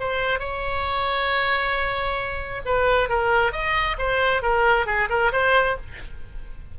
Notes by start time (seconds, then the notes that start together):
0.00 C5
0.40 C#5
2.66 B4
3.09 A#4
3.52 D#5
3.98 C5
4.42 A#4
4.86 G#4
5.09 A#4
5.32 C5